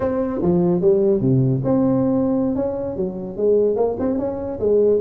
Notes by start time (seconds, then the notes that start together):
0.00 C4
0.41 F3
0.81 G3
1.20 C3
1.64 C4
2.55 C#4
2.96 F#3
3.36 G#3
3.76 A#3
3.99 C4
4.18 C#4
4.59 G#3